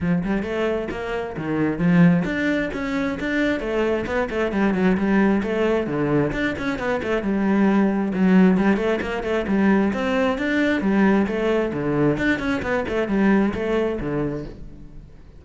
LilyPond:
\new Staff \with { instrumentName = "cello" } { \time 4/4 \tempo 4 = 133 f8 g8 a4 ais4 dis4 | f4 d'4 cis'4 d'4 | a4 b8 a8 g8 fis8 g4 | a4 d4 d'8 cis'8 b8 a8 |
g2 fis4 g8 a8 | ais8 a8 g4 c'4 d'4 | g4 a4 d4 d'8 cis'8 | b8 a8 g4 a4 d4 | }